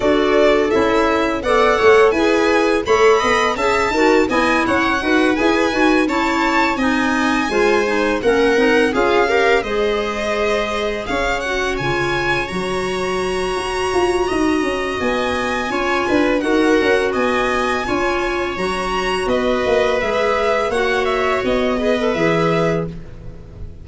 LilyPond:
<<
  \new Staff \with { instrumentName = "violin" } { \time 4/4 \tempo 4 = 84 d''4 e''4 fis''4 gis''4 | b''4 a''4 gis''8 fis''4 gis''8~ | gis''8 a''4 gis''2 fis''8~ | fis''8 f''4 dis''2 f''8 |
fis''8 gis''4 ais''2~ ais''8~ | ais''4 gis''2 fis''4 | gis''2 ais''4 dis''4 | e''4 fis''8 e''8 dis''4 e''4 | }
  \new Staff \with { instrumentName = "viola" } { \time 4/4 a'2 d''8 cis''8 b'4 | cis''8 dis''8 e''8 ais'8 dis''8 cis''8 b'4~ | b'8 cis''4 dis''4 c''4 ais'8~ | ais'8 gis'8 ais'8 c''2 cis''8~ |
cis''1 | dis''2 cis''8 b'8 ais'4 | dis''4 cis''2 b'4~ | b'4 cis''4. b'4. | }
  \new Staff \with { instrumentName = "clarinet" } { \time 4/4 fis'4 e'4 a'4 gis'4 | a'4 gis'8 fis'8 e'4 fis'8 gis'8 | fis'8 e'4 dis'4 f'8 dis'8 cis'8 | dis'8 f'8 g'8 gis'2~ gis'8 |
fis'8 f'4 fis'2~ fis'8~ | fis'2 f'4 fis'4~ | fis'4 f'4 fis'2 | gis'4 fis'4. gis'16 a'16 gis'4 | }
  \new Staff \with { instrumentName = "tuba" } { \time 4/4 d'4 cis'4 b8 a8 e'4 | a8 b8 cis'8 dis'8 b8 cis'8 dis'8 e'8 | dis'8 cis'4 c'4 gis4 ais8 | c'8 cis'4 gis2 cis'8~ |
cis'8 cis4 fis4. fis'8 f'8 | dis'8 cis'8 b4 cis'8 d'8 dis'8 cis'8 | b4 cis'4 fis4 b8 ais8 | gis4 ais4 b4 e4 | }
>>